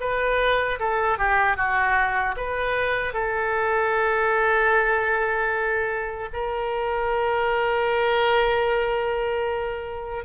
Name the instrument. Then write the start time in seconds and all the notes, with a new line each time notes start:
oboe
0.00 B4
0.79 A4
1.18 G4
1.56 F#4
2.36 B4
3.13 A4
6.33 A#4